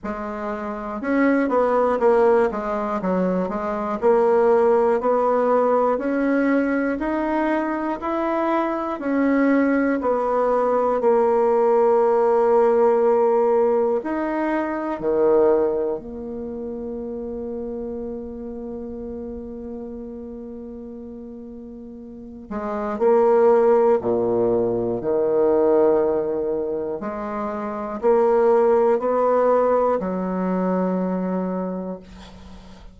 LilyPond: \new Staff \with { instrumentName = "bassoon" } { \time 4/4 \tempo 4 = 60 gis4 cis'8 b8 ais8 gis8 fis8 gis8 | ais4 b4 cis'4 dis'4 | e'4 cis'4 b4 ais4~ | ais2 dis'4 dis4 |
ais1~ | ais2~ ais8 gis8 ais4 | ais,4 dis2 gis4 | ais4 b4 fis2 | }